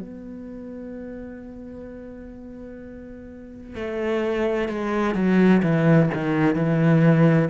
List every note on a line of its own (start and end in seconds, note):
0.00 3.75 B3
3.75 4.69 A3
4.69 5.15 G#3
5.15 5.62 F#3
5.62 6.09 E3
6.14 6.55 D#3
6.55 7.49 E3